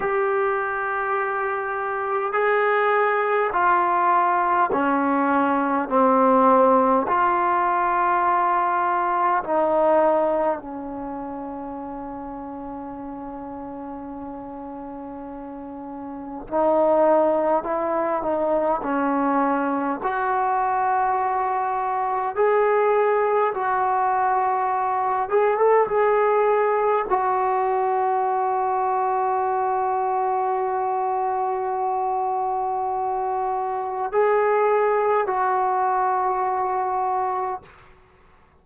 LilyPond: \new Staff \with { instrumentName = "trombone" } { \time 4/4 \tempo 4 = 51 g'2 gis'4 f'4 | cis'4 c'4 f'2 | dis'4 cis'2.~ | cis'2 dis'4 e'8 dis'8 |
cis'4 fis'2 gis'4 | fis'4. gis'16 a'16 gis'4 fis'4~ | fis'1~ | fis'4 gis'4 fis'2 | }